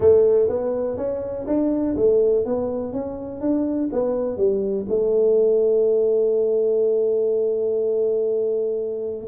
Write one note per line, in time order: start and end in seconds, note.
0.00 0.49 A3
0.49 0.97 B3
0.97 1.46 C#4
1.47 1.96 D4
1.96 2.45 A3
2.45 2.92 B3
2.92 3.41 C#4
3.41 3.89 D4
3.92 4.37 B3
4.37 4.86 G3
4.88 9.27 A3